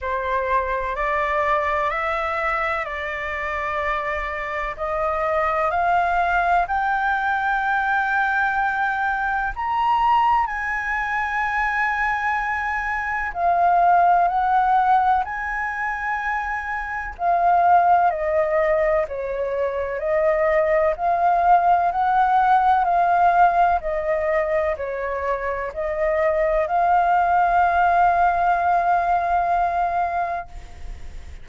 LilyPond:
\new Staff \with { instrumentName = "flute" } { \time 4/4 \tempo 4 = 63 c''4 d''4 e''4 d''4~ | d''4 dis''4 f''4 g''4~ | g''2 ais''4 gis''4~ | gis''2 f''4 fis''4 |
gis''2 f''4 dis''4 | cis''4 dis''4 f''4 fis''4 | f''4 dis''4 cis''4 dis''4 | f''1 | }